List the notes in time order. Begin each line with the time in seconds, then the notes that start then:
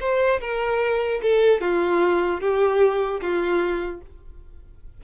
0.00 C5
0.41 A#4
1.22 A4
1.61 F4
2.41 G4
3.21 F4